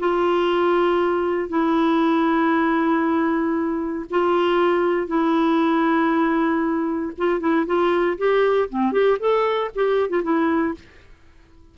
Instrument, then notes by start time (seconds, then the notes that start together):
clarinet
0.00 F4
1.49 E4
4.10 F4
5.08 E4
7.18 F4
7.40 E4
7.66 F4
8.18 G4
8.70 C4
8.93 G4
9.20 A4
9.76 G4
10.10 F4
10.24 E4